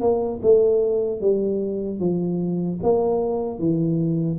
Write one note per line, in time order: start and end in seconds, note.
0.00 0.40 A#3
0.42 1.20 A3
1.20 1.99 G3
1.99 2.79 F3
2.83 3.58 A#3
3.58 4.38 E3